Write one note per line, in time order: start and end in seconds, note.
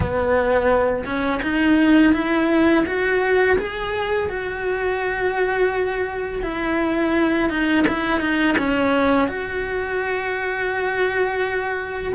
0.00 1.05 B3
1.05 1.41 C#4
1.42 2.13 D#4
2.13 2.84 E4
2.85 3.57 F#4
3.58 4.29 G#4
4.29 6.43 F#4
6.43 7.49 E4
7.49 7.85 D#4
7.87 8.20 E4
8.20 8.56 D#4
8.57 9.28 C#4
9.28 12.13 F#4